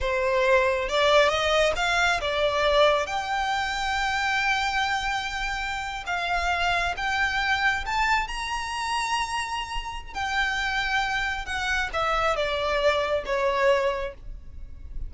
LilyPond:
\new Staff \with { instrumentName = "violin" } { \time 4/4 \tempo 4 = 136 c''2 d''4 dis''4 | f''4 d''2 g''4~ | g''1~ | g''4.~ g''16 f''2 g''16~ |
g''4.~ g''16 a''4 ais''4~ ais''16~ | ais''2. g''4~ | g''2 fis''4 e''4 | d''2 cis''2 | }